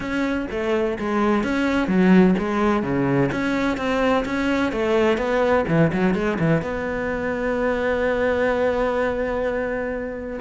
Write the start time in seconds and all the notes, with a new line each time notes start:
0.00 C#4
0.50 A3
0.98 G#3
1.43 C#4
1.87 F#3
2.38 G#3
2.83 C#3
3.31 C#4
3.77 C4
4.25 C#4
4.72 A3
5.17 B3
5.67 E3
5.92 F#3
6.14 G#3
6.39 E3
6.61 B3